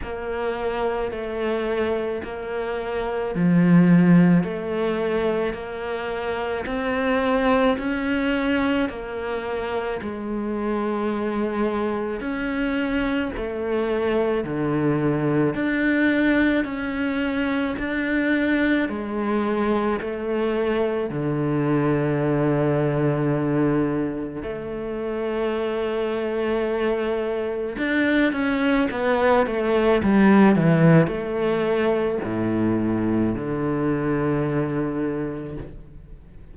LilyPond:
\new Staff \with { instrumentName = "cello" } { \time 4/4 \tempo 4 = 54 ais4 a4 ais4 f4 | a4 ais4 c'4 cis'4 | ais4 gis2 cis'4 | a4 d4 d'4 cis'4 |
d'4 gis4 a4 d4~ | d2 a2~ | a4 d'8 cis'8 b8 a8 g8 e8 | a4 a,4 d2 | }